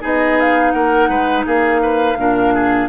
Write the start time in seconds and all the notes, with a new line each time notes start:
0.00 B3 D#4 G#4 D#5
0.40 F5
0.71 A#3 A#4 F#5
1.09 G#3 B4
1.46 A#3 G#4 F5
1.82 B4
2.17 A#2 D4 A#4
2.54 G#4